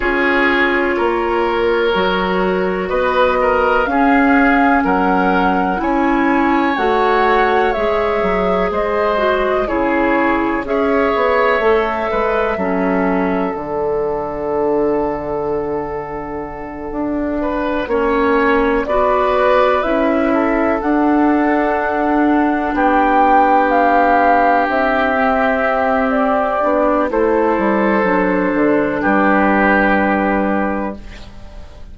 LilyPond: <<
  \new Staff \with { instrumentName = "flute" } { \time 4/4 \tempo 4 = 62 cis''2. dis''4 | f''4 fis''4 gis''4 fis''4 | e''4 dis''4 cis''4 e''4~ | e''2 fis''2~ |
fis''2.~ fis''8 d''8~ | d''8 e''4 fis''2 g''8~ | g''8 f''4 e''4. d''4 | c''2 b'2 | }
  \new Staff \with { instrumentName = "oboe" } { \time 4/4 gis'4 ais'2 b'8 ais'8 | gis'4 ais'4 cis''2~ | cis''4 c''4 gis'4 cis''4~ | cis''8 b'8 a'2.~ |
a'2 b'8 cis''4 b'8~ | b'4 a'2~ a'8 g'8~ | g'1 | a'2 g'2 | }
  \new Staff \with { instrumentName = "clarinet" } { \time 4/4 f'2 fis'2 | cis'2 e'4 fis'4 | gis'4. fis'8 e'4 gis'4 | a'4 cis'4 d'2~ |
d'2~ d'8 cis'4 fis'8~ | fis'8 e'4 d'2~ d'8~ | d'2 c'4. d'8 | e'4 d'2. | }
  \new Staff \with { instrumentName = "bassoon" } { \time 4/4 cis'4 ais4 fis4 b4 | cis'4 fis4 cis'4 a4 | gis8 fis8 gis4 cis4 cis'8 b8 | a8 gis8 fis4 d2~ |
d4. d'4 ais4 b8~ | b8 cis'4 d'2 b8~ | b4. c'2 b8 | a8 g8 fis8 d8 g2 | }
>>